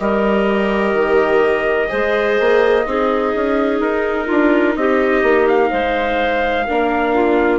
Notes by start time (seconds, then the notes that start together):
0.00 G3 G4 A#4 D#5
0.94 D#3
1.89 G#3 G#4 C5
2.40 A#3
2.87 C4 D#4 G#4
3.35 C#4
3.81 D#4 A#4
4.26 D4 F4
4.76 C4 G4 D#5
5.23 A#3
5.49 F5
5.70 G#3 C5
6.67 A#3 D4 A#4
7.14 F4